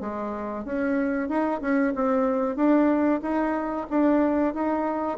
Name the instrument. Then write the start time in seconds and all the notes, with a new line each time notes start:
bassoon
0.00 G#3
0.65 C#4
1.28 D#4
1.61 C#4
1.95 C4
2.56 D4
3.22 D#4
3.90 D4
4.54 D#4